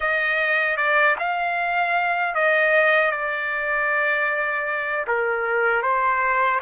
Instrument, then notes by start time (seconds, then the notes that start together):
trumpet
0.00 D#5
0.77 D5
1.19 F5
2.34 D#5
3.11 D5
5.06 A#4
5.82 C5